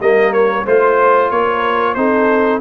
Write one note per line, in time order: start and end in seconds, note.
0.00 0.65 G3
0.00 0.66 A#3
0.00 0.65 A#4
0.00 0.33 D#5
0.33 0.66 C#5
0.65 1.31 A3
0.65 1.97 F4
0.65 1.30 C5
0.65 1.31 C5
1.31 1.96 A#3
1.31 1.97 A#4
1.31 1.95 C#5
1.95 2.61 C4
1.95 2.61 D#4
1.95 2.61 A4
1.95 2.60 C5